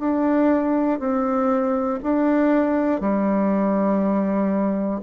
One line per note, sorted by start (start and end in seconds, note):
0.00 1.00 D4
1.00 2.00 C4
2.04 3.01 D4
3.01 5.01 G3